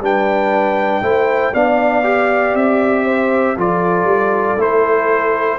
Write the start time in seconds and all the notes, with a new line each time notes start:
0.00 G3 D4 B4 G5
1.02 A3 E4 C5
1.53 B3 D4 D5 F5
2.04 G4
2.54 C4 E5
3.05 C5
3.57 F3 F4 A4 D5
4.04 G3
4.57 A3 E4 C5